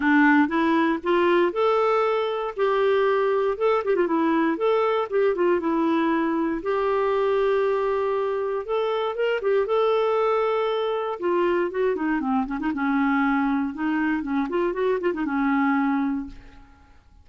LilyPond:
\new Staff \with { instrumentName = "clarinet" } { \time 4/4 \tempo 4 = 118 d'4 e'4 f'4 a'4~ | a'4 g'2 a'8 g'16 f'16 | e'4 a'4 g'8 f'8 e'4~ | e'4 g'2.~ |
g'4 a'4 ais'8 g'8 a'4~ | a'2 f'4 fis'8 dis'8 | c'8 cis'16 dis'16 cis'2 dis'4 | cis'8 f'8 fis'8 f'16 dis'16 cis'2 | }